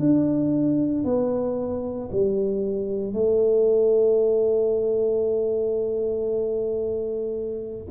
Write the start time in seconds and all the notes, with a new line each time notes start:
0.00 D4
1.05 B3
2.12 G3
3.14 A3